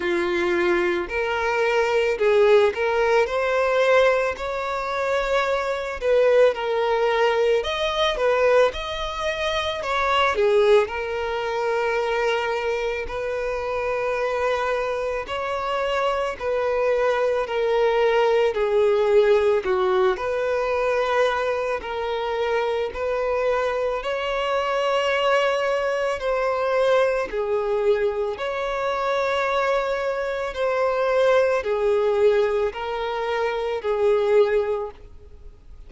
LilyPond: \new Staff \with { instrumentName = "violin" } { \time 4/4 \tempo 4 = 55 f'4 ais'4 gis'8 ais'8 c''4 | cis''4. b'8 ais'4 dis''8 b'8 | dis''4 cis''8 gis'8 ais'2 | b'2 cis''4 b'4 |
ais'4 gis'4 fis'8 b'4. | ais'4 b'4 cis''2 | c''4 gis'4 cis''2 | c''4 gis'4 ais'4 gis'4 | }